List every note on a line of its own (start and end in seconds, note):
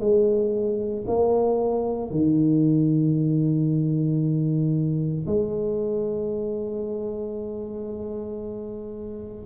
0.00 1.05 G#3
1.07 2.11 A#3
2.11 5.27 D#3
5.27 9.46 G#3